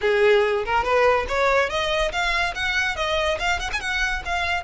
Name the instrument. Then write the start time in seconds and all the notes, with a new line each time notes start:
violin
0.01 G#4
0.65 A#4
0.83 B4
1.28 C#5
1.69 D#5
2.11 F5
2.54 F#5
2.96 D#5
3.39 F5
3.59 F#5
3.72 G#5
3.80 F#5
4.25 F5